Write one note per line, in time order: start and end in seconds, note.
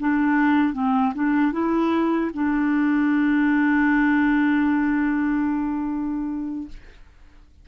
0.00 0.74 D4
0.74 1.13 C4
1.15 1.53 D4
1.53 2.31 E4
2.34 6.69 D4